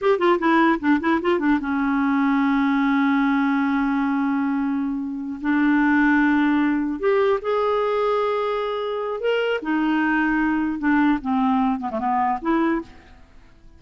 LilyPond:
\new Staff \with { instrumentName = "clarinet" } { \time 4/4 \tempo 4 = 150 g'8 f'8 e'4 d'8 e'8 f'8 d'8 | cis'1~ | cis'1~ | cis'4. d'2~ d'8~ |
d'4. g'4 gis'4.~ | gis'2. ais'4 | dis'2. d'4 | c'4. b16 a16 b4 e'4 | }